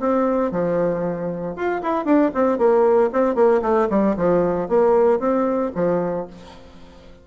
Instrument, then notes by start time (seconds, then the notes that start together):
bassoon
0.00 C4
0.51 F3
1.56 F4
1.82 E4
2.05 D4
2.35 C4
2.58 A#3
3.13 C4
3.35 A#3
3.62 A3
3.90 G3
4.17 F3
4.69 A#3
5.20 C4
5.75 F3